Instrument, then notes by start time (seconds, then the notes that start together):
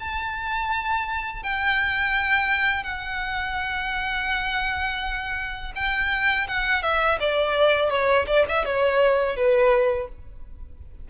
violin
0.00 A5
1.43 G5
2.84 F#5
5.75 G5
6.48 F#5
6.83 E5
7.20 D5
7.90 C#5
8.27 D5
8.48 E5
8.65 C#5
9.36 B4